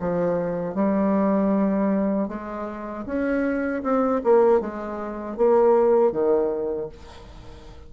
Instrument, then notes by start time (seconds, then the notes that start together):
bassoon
0.00 F3
0.75 G3
2.29 G#3
3.06 C#4
3.83 C4
4.24 A#3
4.61 G#3
5.37 A#3
6.12 D#3